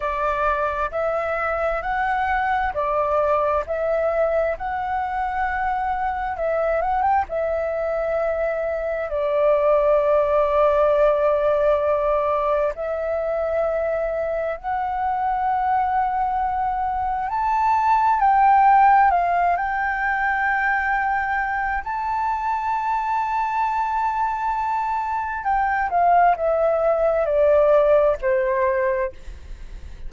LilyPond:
\new Staff \with { instrumentName = "flute" } { \time 4/4 \tempo 4 = 66 d''4 e''4 fis''4 d''4 | e''4 fis''2 e''8 fis''16 g''16 | e''2 d''2~ | d''2 e''2 |
fis''2. a''4 | g''4 f''8 g''2~ g''8 | a''1 | g''8 f''8 e''4 d''4 c''4 | }